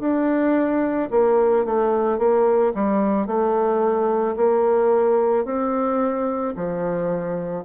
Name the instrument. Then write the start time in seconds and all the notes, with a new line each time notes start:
bassoon
0.00 D4
1.11 A#3
1.66 A3
2.19 A#3
2.74 G3
3.27 A3
4.36 A#3
5.45 C4
6.56 F3